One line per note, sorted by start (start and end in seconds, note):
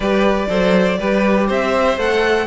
0.00 0.47 G3
0.00 0.49 G4
0.00 0.48 B4
0.00 1.47 D5
0.49 0.99 F#3
0.49 0.98 A4
0.49 0.98 C5
0.99 1.49 G3
0.99 1.98 G4
0.99 1.47 B4
1.47 1.97 C4
1.47 2.46 C5
1.47 1.99 E5
1.97 2.46 A3
1.97 2.47 A4
1.97 2.47 F#5